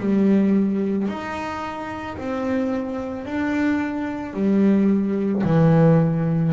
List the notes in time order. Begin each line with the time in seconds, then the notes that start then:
0.00 G3
1.08 D#4
2.18 C4
3.26 D4
4.34 G3
5.44 E3